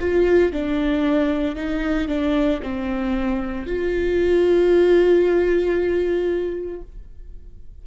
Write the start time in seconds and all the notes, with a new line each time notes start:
0.00 F4
0.53 D4
1.56 D#4
2.08 D4
2.62 C4
3.67 F4